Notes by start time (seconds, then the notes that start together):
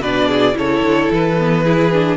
0.00 B2 D4 B4 D5
0.28 G#4
0.54 C#3 E4 A4 C#5
0.83 D3
1.11 E3 B4
1.39 B3
1.64 E4 G#4
1.93 D4